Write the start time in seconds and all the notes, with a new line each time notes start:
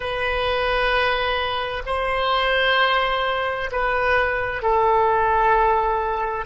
0.00 B4
1.85 C5
3.71 B4
4.62 A4